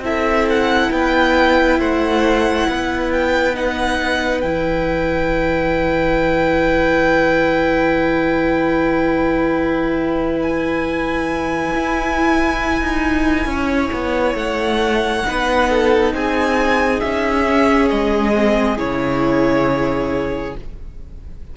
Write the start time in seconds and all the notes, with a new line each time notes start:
0.00 C4 E4 A4 E5
0.49 F#5
0.91 B3 B4 G5
1.80 A3 C5 F#5
2.69 B3 B4
3.12 G5
3.54 D#4 F#5
4.41 E3 E4 G5
10.42 G#5
11.75 E4
12.81 D#4
13.46 C#4 C#5
13.93 B3
14.35 A3 F#5
15.25 B3 D#4 B4
15.70 A4
16.13 C4 G#4 G#5
17.01 C#4 E5
17.45 C#4
17.90 G#3 D#5
18.34 C4
18.78 C#3 E4 C#5